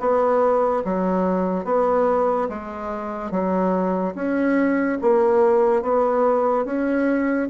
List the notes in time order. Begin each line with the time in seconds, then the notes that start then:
0.00 B3
0.85 F#3
1.65 B3
2.49 G#3
3.31 F#3
4.15 C#4
5.02 A#3
5.83 B3
6.66 C#4